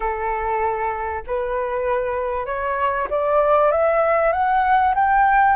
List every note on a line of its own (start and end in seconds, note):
0.00 1.23 A4
1.26 2.46 B4
2.46 3.08 C#5
3.10 3.71 D5
3.71 4.32 E5
4.32 4.94 F#5
4.94 5.56 G5